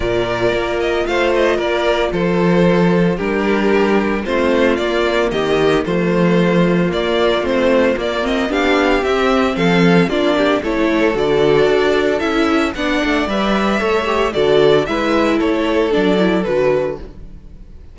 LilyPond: <<
  \new Staff \with { instrumentName = "violin" } { \time 4/4 \tempo 4 = 113 d''4. dis''8 f''8 dis''8 d''4 | c''2 ais'2 | c''4 d''4 dis''4 c''4~ | c''4 d''4 c''4 d''8 dis''8 |
f''4 e''4 f''4 d''4 | cis''4 d''2 e''4 | fis''4 e''2 d''4 | e''4 cis''4 d''4 b'4 | }
  \new Staff \with { instrumentName = "violin" } { \time 4/4 ais'2 c''4 ais'4 | a'2 g'2 | f'2 g'4 f'4~ | f'1 |
g'2 a'4 f'8 g'8 | a'1 | d''2 cis''4 a'4 | b'4 a'2. | }
  \new Staff \with { instrumentName = "viola" } { \time 4/4 f'1~ | f'2 d'2 | c'4 ais2 a4~ | a4 ais4 c'4 ais8 c'8 |
d'4 c'2 d'4 | e'4 fis'2 e'4 | d'4 b'4 a'8 g'8 fis'4 | e'2 d'8 e'8 fis'4 | }
  \new Staff \with { instrumentName = "cello" } { \time 4/4 ais,4 ais4 a4 ais4 | f2 g2 | a4 ais4 dis4 f4~ | f4 ais4 a4 ais4 |
b4 c'4 f4 ais4 | a4 d4 d'4 cis'4 | b8 a8 g4 a4 d4 | gis4 a4 fis4 d4 | }
>>